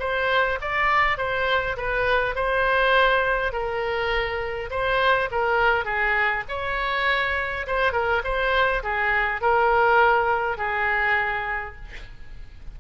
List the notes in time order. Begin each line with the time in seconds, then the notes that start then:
0.00 C5
0.61 D5
1.18 C5
1.77 B4
2.36 C5
3.53 A#4
4.71 C5
5.31 A#4
5.85 G#4
6.49 C#5
7.67 C5
7.93 A#4
8.24 C5
8.83 G#4
9.41 A#4
10.58 G#4